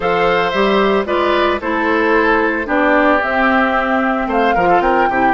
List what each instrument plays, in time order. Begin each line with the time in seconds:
0.00 bassoon F3, clarinet A4, oboe C5, flute F5
0.50 bassoon G3, clarinet G4, flute E5
1.05 bassoon G#3, clarinet F4, oboe B4, flute D5
1.61 bassoon A3, clarinet E4, oboe A4, flute C5
2.65 bassoon B3, clarinet D4, oboe G4, flute D5
3.22 clarinet C4, bassoon C4, flute E5
4.27 bassoon A3, oboe C5, flute F5
4.55 bassoon F3, clarinet F4, oboe A#4
4.69 oboe A4
4.80 bassoon C4, oboe A#4, flute G5
5.09 bassoon C3, clarinet E4, oboe G4